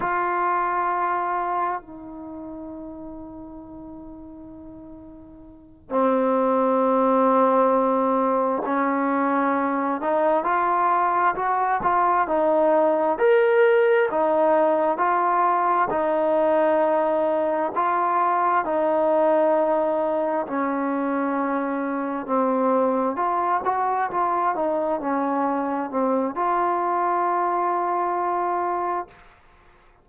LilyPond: \new Staff \with { instrumentName = "trombone" } { \time 4/4 \tempo 4 = 66 f'2 dis'2~ | dis'2~ dis'8 c'4.~ | c'4. cis'4. dis'8 f'8~ | f'8 fis'8 f'8 dis'4 ais'4 dis'8~ |
dis'8 f'4 dis'2 f'8~ | f'8 dis'2 cis'4.~ | cis'8 c'4 f'8 fis'8 f'8 dis'8 cis'8~ | cis'8 c'8 f'2. | }